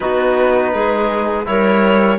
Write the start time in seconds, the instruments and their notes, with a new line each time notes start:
0.00 cello B3, trombone D#4, clarinet F#4, violin B4
0.73 cello G#3, clarinet G#4
1.45 cello G3, trombone E4, clarinet A#4, violin C#5